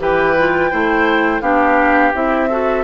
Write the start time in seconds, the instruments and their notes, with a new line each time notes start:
0.00 bassoon E3, clarinet G4, oboe B4, flute G5
0.39 clarinet F4
0.71 bassoon A3, clarinet E4, oboe C5
1.41 bassoon B3, clarinet D4, oboe G4, flute F5
2.14 bassoon C4, clarinet E4, flute E5
2.50 clarinet F#4, oboe A4